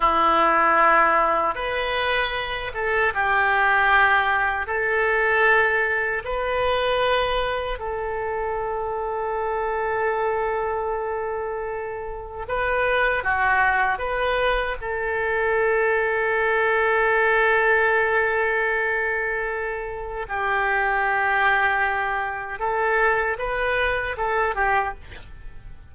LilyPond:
\new Staff \with { instrumentName = "oboe" } { \time 4/4 \tempo 4 = 77 e'2 b'4. a'8 | g'2 a'2 | b'2 a'2~ | a'1 |
b'4 fis'4 b'4 a'4~ | a'1~ | a'2 g'2~ | g'4 a'4 b'4 a'8 g'8 | }